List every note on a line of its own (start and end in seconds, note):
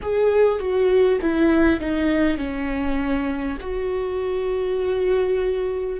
0.02 0.59 G#4
0.59 1.19 F#4
1.21 1.80 E4
1.80 2.37 D#4
2.37 3.57 C#4
3.61 5.99 F#4